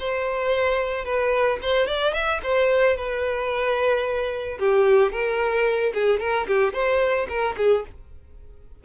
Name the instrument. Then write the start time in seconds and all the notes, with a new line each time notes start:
violin
0.00 C5
1.05 B4
1.63 C5
1.87 D5
2.14 E5
2.44 C5
2.97 B4
4.60 G4
5.12 A#4
5.95 G#4
6.20 A#4
6.48 G4
6.73 C5
7.29 A#4
7.58 G#4